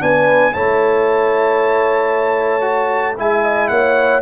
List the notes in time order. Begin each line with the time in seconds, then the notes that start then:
0.00 B3 D4 B4 G#5
0.53 A3 E4 C#5 A5
2.61 F#4
3.18 G#3 E4 E5 G#5
3.44 D#5
3.68 A#3 C#5 F#5